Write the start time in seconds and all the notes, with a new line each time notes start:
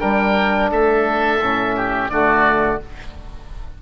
0.00 G3 D4 A#4 G5
0.71 A3 A4 E5
1.41 A2 C#4
1.76 G4
2.09 D3 A3 F#4 D5